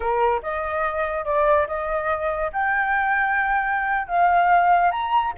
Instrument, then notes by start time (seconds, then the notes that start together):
flute
0.00 A#4
0.42 D#5
1.24 D5
1.67 D#5
2.53 G5
4.07 F5
4.91 A#5